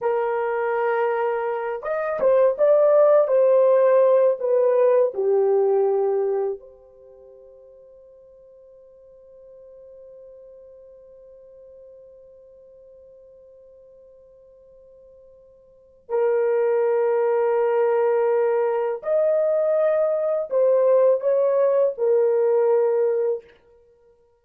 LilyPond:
\new Staff \with { instrumentName = "horn" } { \time 4/4 \tempo 4 = 82 ais'2~ ais'8 dis''8 c''8 d''8~ | d''8 c''4. b'4 g'4~ | g'4 c''2.~ | c''1~ |
c''1~ | c''2 ais'2~ | ais'2 dis''2 | c''4 cis''4 ais'2 | }